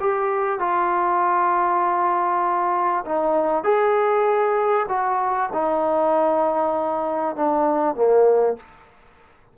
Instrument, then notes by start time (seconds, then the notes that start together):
trombone
0.00 G4
0.60 F4
3.06 D#4
3.64 G#4
4.89 F#4
5.53 D#4
7.36 D4
7.95 A#3